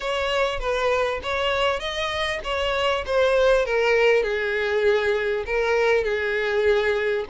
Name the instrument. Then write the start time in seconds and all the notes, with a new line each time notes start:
violin
0.00 C#5
0.59 B4
1.23 C#5
1.79 D#5
2.44 C#5
3.06 C5
3.65 A#4
4.23 G#4
5.46 A#4
6.03 G#4